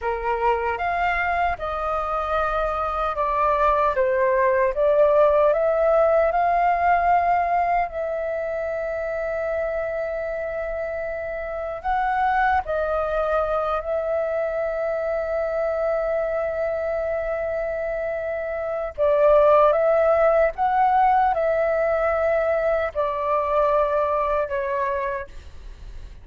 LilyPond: \new Staff \with { instrumentName = "flute" } { \time 4/4 \tempo 4 = 76 ais'4 f''4 dis''2 | d''4 c''4 d''4 e''4 | f''2 e''2~ | e''2. fis''4 |
dis''4. e''2~ e''8~ | e''1 | d''4 e''4 fis''4 e''4~ | e''4 d''2 cis''4 | }